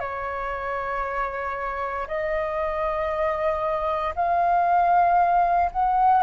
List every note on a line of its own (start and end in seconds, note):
0.00 2.07 C#5
2.07 4.14 D#5
4.16 5.71 F5
5.72 6.23 F#5